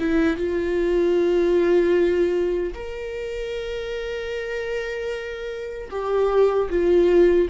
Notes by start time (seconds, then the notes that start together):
0.00 E4
0.37 F4
2.75 A#4
5.91 G4
6.70 F4